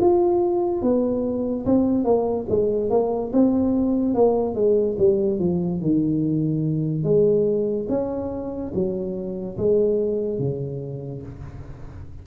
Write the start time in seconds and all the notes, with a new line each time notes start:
0.00 F4
0.82 B3
1.66 C4
2.04 A#3
2.49 G#3
2.90 A#3
3.33 C4
4.14 A#3
4.55 G#3
4.98 G3
5.39 F3
5.81 D#3
7.03 G#3
7.89 C#4
8.74 F#3
9.58 G#3
10.39 C#3